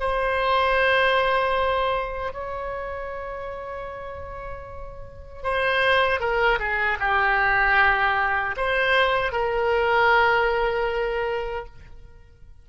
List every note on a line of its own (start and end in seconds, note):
0.00 2.33 C5
2.33 5.43 C#5
5.43 6.20 C5
6.20 6.59 A#4
6.59 6.98 G#4
7.00 8.55 G4
8.57 9.32 C5
9.32 11.66 A#4